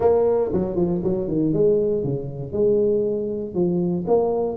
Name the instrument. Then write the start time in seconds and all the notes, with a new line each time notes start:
tuba
0.00 A#3
0.52 F#3
0.75 F3
1.03 F#3
1.28 D#3
1.53 G#3
2.03 C#3
2.52 G#3
3.54 F3
4.07 A#3